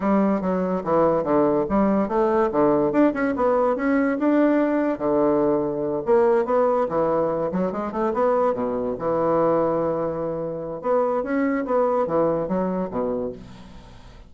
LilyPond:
\new Staff \with { instrumentName = "bassoon" } { \time 4/4 \tempo 4 = 144 g4 fis4 e4 d4 | g4 a4 d4 d'8 cis'8 | b4 cis'4 d'2 | d2~ d8 ais4 b8~ |
b8 e4. fis8 gis8 a8 b8~ | b8 b,4 e2~ e8~ | e2 b4 cis'4 | b4 e4 fis4 b,4 | }